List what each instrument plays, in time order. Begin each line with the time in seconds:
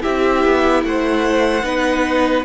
0.00 cello C4, viola E4, violin G4 E5
0.45 cello B3
0.84 cello A3, violin C5 F#5
1.63 cello B3, viola D#4, violin B4